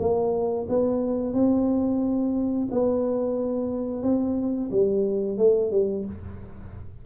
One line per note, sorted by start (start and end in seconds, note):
0.00 0.67 A#3
0.69 1.34 B3
1.34 2.69 C4
2.72 4.03 B3
4.03 4.71 C4
4.71 5.38 G3
5.38 5.72 A3
5.72 6.06 G3